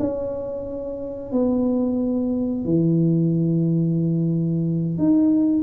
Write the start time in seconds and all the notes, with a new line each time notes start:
0.00 C#4
1.32 B3
2.65 E3
4.98 D#4